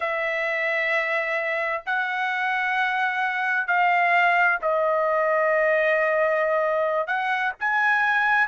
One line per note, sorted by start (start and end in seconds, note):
0.00 1.82 E5
1.85 3.67 F#5
3.67 4.58 F5
4.61 7.07 D#5
7.07 7.52 F#5
7.60 8.47 G#5